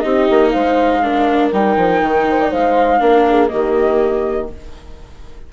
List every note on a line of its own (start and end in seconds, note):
0.00 0.29 C4
0.00 1.02 D#4
0.00 0.52 G4
0.00 0.50 D#5
0.30 0.54 A#3
0.51 1.52 G#3
0.51 1.01 C5
0.51 1.50 F5
1.03 1.52 D4
1.03 2.27 A#4
1.52 1.77 G3
1.52 2.99 D#4
1.52 2.52 G5
1.77 2.01 F3
2.02 2.51 D#3
2.30 2.40 C5
2.40 2.50 D5
2.50 3.01 G#3
2.50 3.00 C5
2.50 3.48 F5
2.99 3.50 A#3
2.99 3.49 D4
2.99 3.25 A#4
3.29 3.51 G#4
3.48 4.52 D#3
3.48 4.49 A#3
3.48 4.50 G4
3.48 4.47 D#5